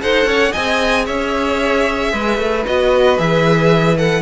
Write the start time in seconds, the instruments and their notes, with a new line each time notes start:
0.00 cello D#4, viola A4, violin C5 F#5
0.26 cello C#4, violin C#5
0.52 cello C4, viola G#4, violin D#5 G#5
1.06 cello C#4, violin C#5 E5
2.13 cello G#3, violin B4
2.38 cello A3
2.66 cello B3, viola F#4, violin D#5
3.19 cello E3, viola G#4, violin E5
3.98 viola A4, violin F#5